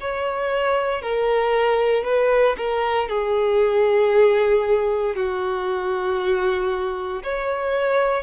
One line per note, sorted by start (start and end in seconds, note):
0.00 1.02 C#5
1.02 2.04 A#4
2.04 2.56 B4
2.57 3.08 A#4
3.08 5.15 G#4
5.16 7.23 F#4
7.23 8.23 C#5